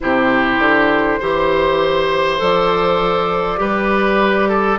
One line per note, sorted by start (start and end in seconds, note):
0.00 0.58 C3
0.00 1.21 E4
0.00 1.19 G4
0.00 2.40 C5
0.58 1.19 D3
1.19 2.40 E3
1.19 2.38 G4
1.19 3.59 C5
2.38 3.59 F3
2.38 3.58 A4
2.38 4.79 D5
3.58 4.79 G3
3.58 4.78 G4
3.58 4.48 B4
4.48 4.78 A4